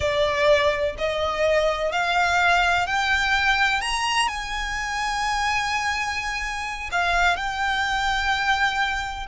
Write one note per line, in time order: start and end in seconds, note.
0.00 0.95 D5
0.98 1.92 D#5
1.92 2.86 F5
2.86 3.81 G5
3.81 4.28 A#5
4.28 6.90 G#5
6.91 7.36 F5
7.36 9.26 G5